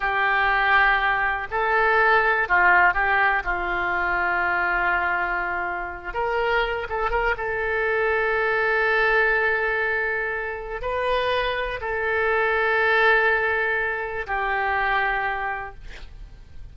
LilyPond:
\new Staff \with { instrumentName = "oboe" } { \time 4/4 \tempo 4 = 122 g'2. a'4~ | a'4 f'4 g'4 f'4~ | f'1~ | f'8 ais'4. a'8 ais'8 a'4~ |
a'1~ | a'2 b'2 | a'1~ | a'4 g'2. | }